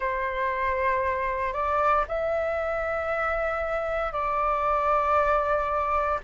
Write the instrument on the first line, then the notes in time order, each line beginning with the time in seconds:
flute
0.00 C5
1.53 D5
2.07 E5
4.12 D5